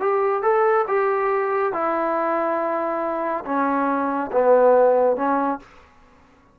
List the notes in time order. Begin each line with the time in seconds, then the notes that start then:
0.00 G4
0.42 A4
0.87 G4
1.73 E4
3.45 C#4
4.32 B3
5.16 C#4